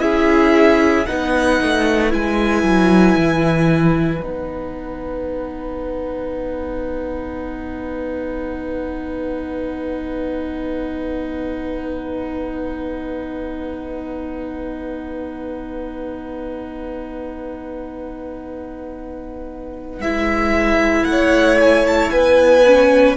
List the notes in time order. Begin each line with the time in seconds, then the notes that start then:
0.00 C#4 E4 G#4 E5
1.06 B3 D#4 B4 F#5
1.62 A3
2.10 G#3 E4 G#5
2.63 F#3
3.17 E3
4.22 B3 D#4 F#5
19.99 G#3 E4 E5
21.05 A3 F#5
21.11 C#5
21.61 G#5
21.87 A5
22.10 B3 B4 G#5
22.66 C#4